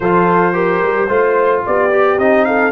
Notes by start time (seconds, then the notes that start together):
0.00 F3 F4 A4 C5
0.53 G4 A#4
0.81 G3
1.07 A3 F4 C5
1.65 B3 G4 D5
1.91 G4
2.18 C4 D#4 D#5
2.44 A4 F5